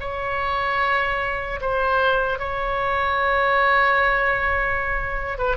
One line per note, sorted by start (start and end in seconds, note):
0.00 1.60 C#5
1.61 2.39 C5
2.39 5.38 C#5
5.38 5.57 B4